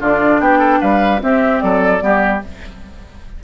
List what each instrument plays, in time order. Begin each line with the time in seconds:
0.00 bassoon D3, clarinet D4, oboe F4, flute D5
0.39 bassoon B3, oboe G4, flute G5
0.58 oboe A4
0.81 bassoon G3, oboe B4, flute F5
1.20 clarinet C4, bassoon C4, oboe G4, flute E5
1.60 bassoon F#3, oboe A4, flute D5
1.99 bassoon G3, clarinet B3, oboe G4